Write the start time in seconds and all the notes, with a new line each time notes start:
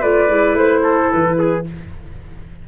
0.00 A3 F4 B4 D5
0.28 G#3 E4
0.53 A3 C5
0.83 A4
1.11 E3 B4
1.38 G#4